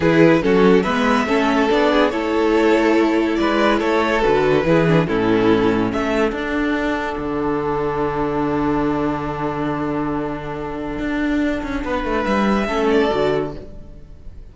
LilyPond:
<<
  \new Staff \with { instrumentName = "violin" } { \time 4/4 \tempo 4 = 142 b'4 a'4 e''2 | d''4 cis''2. | d''4 cis''4 b'2 | a'2 e''4 fis''4~ |
fis''1~ | fis''1~ | fis''1~ | fis''4 e''4. d''4. | }
  \new Staff \with { instrumentName = "violin" } { \time 4/4 gis'4 fis'4 b'4 a'4~ | a'8 gis'8 a'2. | b'4 a'2 gis'4 | e'2 a'2~ |
a'1~ | a'1~ | a'1 | b'2 a'2 | }
  \new Staff \with { instrumentName = "viola" } { \time 4/4 e'4 cis'4 b4 cis'4 | d'4 e'2.~ | e'2 fis'4 e'8 d'8 | cis'2. d'4~ |
d'1~ | d'1~ | d'1~ | d'2 cis'4 fis'4 | }
  \new Staff \with { instrumentName = "cello" } { \time 4/4 e4 fis4 gis4 a4 | b4 a2. | gis4 a4 d4 e4 | a,2 a4 d'4~ |
d'4 d2.~ | d1~ | d2 d'4. cis'8 | b8 a8 g4 a4 d4 | }
>>